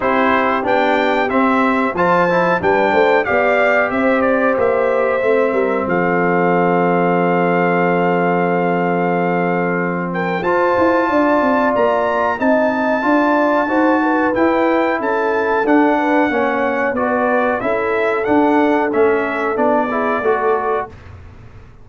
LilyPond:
<<
  \new Staff \with { instrumentName = "trumpet" } { \time 4/4 \tempo 4 = 92 c''4 g''4 e''4 a''4 | g''4 f''4 e''8 d''8 e''4~ | e''4 f''2.~ | f''2.~ f''8 g''8 |
a''2 ais''4 a''4~ | a''2 g''4 a''4 | fis''2 d''4 e''4 | fis''4 e''4 d''2 | }
  \new Staff \with { instrumentName = "horn" } { \time 4/4 g'2. c''4 | b'8 c''8 d''4 c''2~ | c''8 ais'8 a'2.~ | a'2.~ a'8 ais'8 |
c''4 d''2 dis''4 | d''4 c''8 b'4. a'4~ | a'8 b'8 cis''4 b'4 a'4~ | a'2~ a'8 gis'8 a'4 | }
  \new Staff \with { instrumentName = "trombone" } { \time 4/4 e'4 d'4 c'4 f'8 e'8 | d'4 g'2. | c'1~ | c'1 |
f'2. dis'4 | f'4 fis'4 e'2 | d'4 cis'4 fis'4 e'4 | d'4 cis'4 d'8 e'8 fis'4 | }
  \new Staff \with { instrumentName = "tuba" } { \time 4/4 c'4 b4 c'4 f4 | g8 a8 b4 c'4 ais4 | a8 g8 f2.~ | f1 |
f'8 e'8 d'8 c'8 ais4 c'4 | d'4 dis'4 e'4 cis'4 | d'4 ais4 b4 cis'4 | d'4 a4 b4 a4 | }
>>